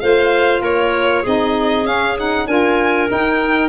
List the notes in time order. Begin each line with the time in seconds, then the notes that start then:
0.00 A3 F4 C5 F5
0.61 A#3 A#4 C#5
1.23 C4 D#4 G#4 D#5
1.85 C#4 F5
2.18 D#4 F#5
2.47 D4 F4 A#4 G#5
3.08 D#4 G5